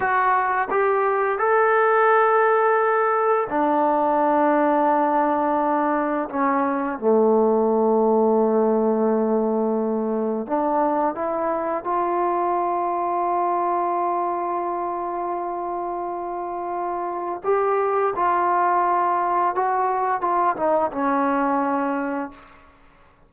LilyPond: \new Staff \with { instrumentName = "trombone" } { \time 4/4 \tempo 4 = 86 fis'4 g'4 a'2~ | a'4 d'2.~ | d'4 cis'4 a2~ | a2. d'4 |
e'4 f'2.~ | f'1~ | f'4 g'4 f'2 | fis'4 f'8 dis'8 cis'2 | }